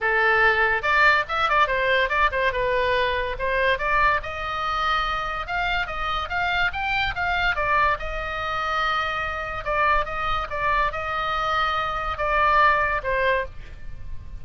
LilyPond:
\new Staff \with { instrumentName = "oboe" } { \time 4/4 \tempo 4 = 143 a'2 d''4 e''8 d''8 | c''4 d''8 c''8 b'2 | c''4 d''4 dis''2~ | dis''4 f''4 dis''4 f''4 |
g''4 f''4 d''4 dis''4~ | dis''2. d''4 | dis''4 d''4 dis''2~ | dis''4 d''2 c''4 | }